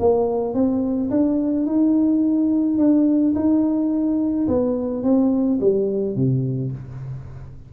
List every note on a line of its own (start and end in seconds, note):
0.00 0.54 A#3
0.54 1.10 C4
1.11 1.66 D4
1.66 2.79 D#4
2.79 3.35 D4
3.35 4.48 D#4
4.48 5.04 B3
5.04 5.60 C4
5.60 6.16 G3
6.16 6.72 C3